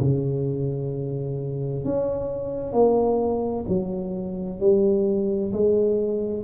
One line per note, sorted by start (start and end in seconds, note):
0.00 1.85 C#3
1.85 2.73 C#4
2.73 3.65 A#3
3.68 4.60 F#3
4.60 5.52 G3
5.53 6.44 G#3